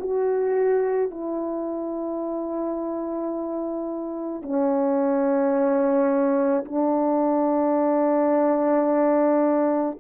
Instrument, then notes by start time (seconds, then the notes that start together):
horn
0.00 F#4
1.11 E4
4.43 C#4
6.65 D4